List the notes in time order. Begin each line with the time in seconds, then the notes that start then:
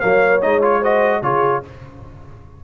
0.00 F#3 A#3 C#5 F5
0.42 G#3 D#4 D#5
0.62 F4 C#5
0.80 F#4 C5 D#5
1.22 C#3 F4 G#4 C#5